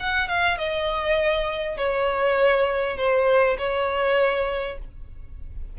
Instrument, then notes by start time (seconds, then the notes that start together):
violin
0.00 F#5
0.28 F5
0.58 D#5
1.78 C#5
2.97 C5
3.58 C#5